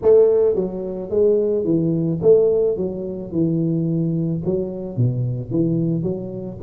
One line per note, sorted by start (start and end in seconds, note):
0.02 0.55 A3
0.55 1.10 F#3
1.10 1.64 G#3
1.64 2.19 E3
2.22 2.76 A3
2.76 3.32 F#3
3.32 4.42 E3
4.45 4.96 F#3
4.96 5.50 B2
5.50 6.02 E3
6.02 6.57 F#3